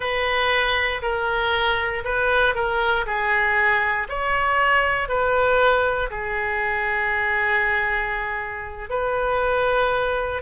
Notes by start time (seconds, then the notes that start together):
0.00 B4
1.02 A#4
2.04 B4
2.54 A#4
3.06 G#4
4.09 C#5
5.08 B4
6.10 G#4
8.89 B4